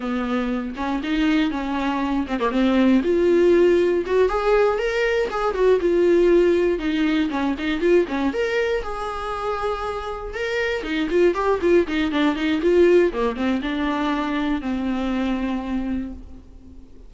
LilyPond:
\new Staff \with { instrumentName = "viola" } { \time 4/4 \tempo 4 = 119 b4. cis'8 dis'4 cis'4~ | cis'8 c'16 ais16 c'4 f'2 | fis'8 gis'4 ais'4 gis'8 fis'8 f'8~ | f'4. dis'4 cis'8 dis'8 f'8 |
cis'8 ais'4 gis'2~ gis'8~ | gis'8 ais'4 dis'8 f'8 g'8 f'8 dis'8 | d'8 dis'8 f'4 ais8 c'8 d'4~ | d'4 c'2. | }